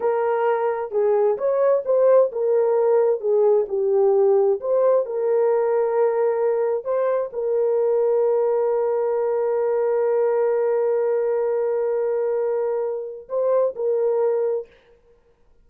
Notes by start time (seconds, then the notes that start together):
0.00 A#4
0.91 G#4
1.37 C#5
1.85 C5
2.32 A#4
3.20 G#4
3.68 G4
4.60 C5
5.05 A#4
6.84 C5
7.33 A#4
13.28 C5
13.75 A#4